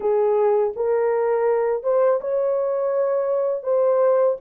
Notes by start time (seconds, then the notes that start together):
0.00 G#4
0.75 A#4
1.83 C5
2.20 C#5
3.63 C5